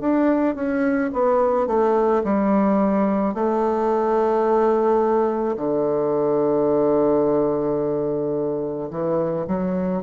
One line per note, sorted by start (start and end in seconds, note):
0.00 0.55 D4
0.55 1.10 C#4
1.13 1.67 B3
1.67 2.22 A3
2.23 3.34 G3
3.34 5.56 A3
5.56 8.89 D3
8.90 9.45 E3
9.47 10.03 F#3